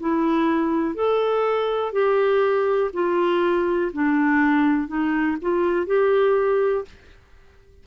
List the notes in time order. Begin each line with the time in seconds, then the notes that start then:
0.00 E4
0.95 A4
1.92 G4
2.93 F4
3.93 D4
4.88 D#4
5.41 F4
5.87 G4